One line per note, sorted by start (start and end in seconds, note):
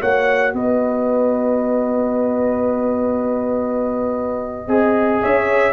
0.00 0.54 A#3
0.00 4.68 F#4
0.00 0.54 C#5
0.00 0.54 F#5
0.54 4.67 B3
0.54 4.69 B4
0.54 5.22 D#5
4.67 5.21 C4
4.67 5.73 G#4
4.67 5.22 D#5
5.22 5.73 C#4
5.22 5.73 C#5
5.22 5.73 E5